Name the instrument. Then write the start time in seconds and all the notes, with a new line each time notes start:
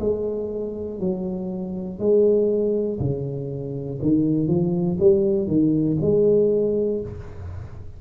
tuba
0.00 G#3
1.00 F#3
2.00 G#3
3.00 C#3
4.02 D#3
4.48 F3
5.00 G3
5.47 D#3
6.01 G#3